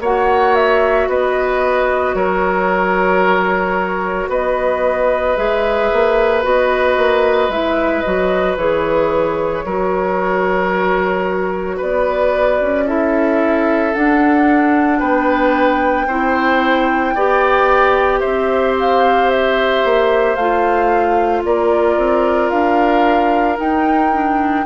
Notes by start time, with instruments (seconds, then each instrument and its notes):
0.00 bassoon A#3, clarinet F#4, oboe C#5, flute F#5
0.55 flute E5
1.08 bassoon B3, oboe B4, flute D#5
2.14 bassoon F#3, oboe A#4, flute C#5
4.29 bassoon B3, oboe B4, flute D#5
5.36 bassoon G#3, clarinet G#4, flute E5
5.92 bassoon A#3
6.42 bassoon B3, clarinet F#4, flute D#5
6.97 bassoon A#3
7.48 bassoon G#3, clarinet E4, flute E5
8.02 bassoon F#3, clarinet F#4, flute D#5
8.56 bassoon E3, clarinet G#4, flute C#5
9.65 bassoon F#3, clarinet F#4, oboe A#4
11.77 bassoon B3, oboe B4, flute D5
12.60 bassoon C#4
12.86 clarinet E4, oboe A4, flute E5
13.93 clarinet D4, bassoon D4, flute F#5
14.99 bassoon B3, oboe B4, flute G5
16.06 bassoon C4, clarinet E4, oboe C5
17.14 bassoon B3, clarinet G4, oboe D5
18.19 bassoon C4, oboe C5, flute E5
18.79 flute F5
19.30 flute E5
19.84 bassoon A#3
20.35 bassoon A3, clarinet F4, flute F5
21.44 bassoon A#3, oboe A#4, flute D5
21.97 bassoon C4
22.50 bassoon D4, flute F5
23.56 clarinet D#4, bassoon D#4, flute G5
24.12 clarinet D4